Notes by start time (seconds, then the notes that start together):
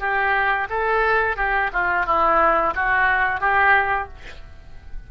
0.00 G4
0.70 A4
1.37 G4
1.73 F4
2.06 E4
2.75 F#4
3.41 G4